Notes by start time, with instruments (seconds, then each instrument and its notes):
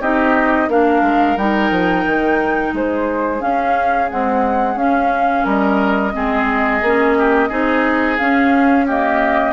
0.00 bassoon C4, clarinet D#4, oboe G4, flute D#5
0.68 bassoon A#3, clarinet D4, oboe A#4, flute F5
1.01 bassoon G#3
1.36 bassoon G3, clarinet D#4, flute G5
1.70 bassoon F3
2.05 bassoon D#3
2.72 bassoon G#3, oboe G#4, flute C5
3.40 clarinet C#4, bassoon C#4, flute F5
4.10 clarinet G#3, bassoon C4, flute F#5
4.75 bassoon C#4, clarinet C#4, flute F5
5.44 bassoon G3, oboe A#4, flute D#5
6.13 bassoon G#3, clarinet C4, oboe G#4
6.82 bassoon A#3, clarinet C#4
7.17 oboe G4
7.48 bassoon C4, clarinet D#4, oboe G#4
8.17 clarinet C#4, bassoon C#4, flute F5
8.86 clarinet A#3, oboe G4, flute D#5